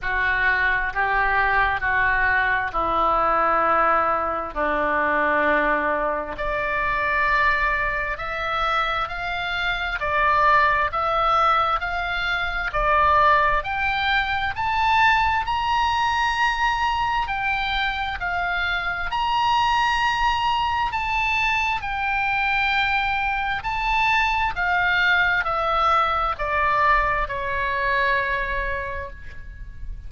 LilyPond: \new Staff \with { instrumentName = "oboe" } { \time 4/4 \tempo 4 = 66 fis'4 g'4 fis'4 e'4~ | e'4 d'2 d''4~ | d''4 e''4 f''4 d''4 | e''4 f''4 d''4 g''4 |
a''4 ais''2 g''4 | f''4 ais''2 a''4 | g''2 a''4 f''4 | e''4 d''4 cis''2 | }